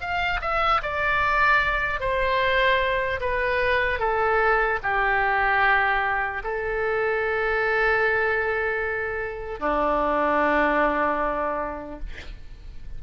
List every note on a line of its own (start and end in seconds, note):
0.00 0.40 F5
0.41 0.81 E5
0.82 2.00 D5
2.00 3.20 C5
3.20 3.99 B4
3.99 4.79 A4
4.82 6.42 G4
6.43 9.59 A4
9.59 11.99 D4